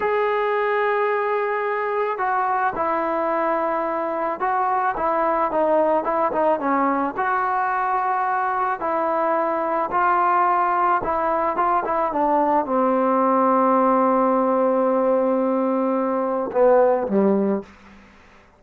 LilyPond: \new Staff \with { instrumentName = "trombone" } { \time 4/4 \tempo 4 = 109 gis'1 | fis'4 e'2. | fis'4 e'4 dis'4 e'8 dis'8 | cis'4 fis'2. |
e'2 f'2 | e'4 f'8 e'8 d'4 c'4~ | c'1~ | c'2 b4 g4 | }